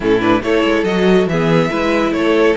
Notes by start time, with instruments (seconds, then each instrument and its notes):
0.00 cello A2, viola C#4, violin E4 A4
0.20 viola D4, violin B4
0.42 cello A3, viola E4, violin A4 C#5
0.63 cello G#3
0.83 cello F#3, viola F#4, violin D#5
1.26 cello E3, viola B3, violin G#4 E5
1.70 cello G#3, viola E4, violin B4
2.11 cello A3, violin A4 C#5